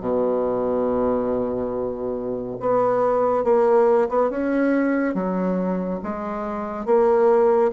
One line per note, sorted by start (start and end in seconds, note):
0.00 2.57 B2
2.60 3.44 B3
3.44 4.08 A#3
4.09 4.30 B3
4.30 5.15 C#4
5.15 6.00 F#3
6.04 6.86 G#3
6.86 7.71 A#3